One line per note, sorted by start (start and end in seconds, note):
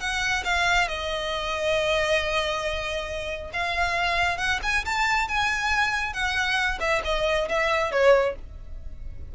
0.00 0.44 F#5
0.44 0.88 F5
0.88 3.51 D#5
3.53 4.38 F5
4.38 4.60 F#5
4.63 4.85 G#5
4.85 5.28 A5
5.28 6.13 G#5
6.13 6.79 F#5
6.80 7.02 E5
7.05 7.49 D#5
7.49 7.92 E5
7.92 8.35 C#5